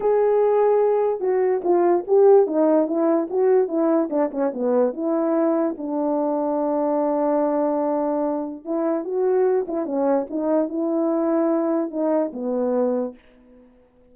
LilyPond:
\new Staff \with { instrumentName = "horn" } { \time 4/4 \tempo 4 = 146 gis'2. fis'4 | f'4 g'4 dis'4 e'4 | fis'4 e'4 d'8 cis'8 b4 | e'2 d'2~ |
d'1~ | d'4 e'4 fis'4. e'8 | cis'4 dis'4 e'2~ | e'4 dis'4 b2 | }